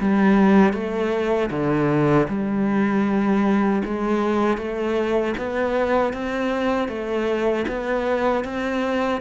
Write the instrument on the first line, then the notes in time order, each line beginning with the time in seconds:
cello
0.00 G3
0.73 A3
1.50 D3
2.28 G3
3.85 G#3
4.57 A3
5.37 B3
6.13 C4
6.88 A3
7.68 B3
8.44 C4